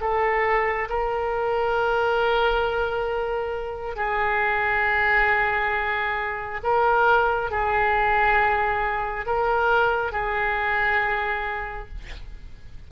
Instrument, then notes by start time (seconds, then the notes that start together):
oboe
0.00 A4
0.89 A#4
3.95 G#4
6.63 A#4
7.50 G#4
9.26 A#4
10.11 G#4